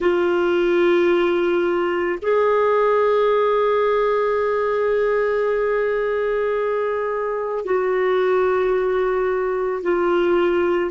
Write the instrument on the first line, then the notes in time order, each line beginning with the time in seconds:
clarinet
0.00 F4
2.22 G#4
7.64 F#4
9.82 F4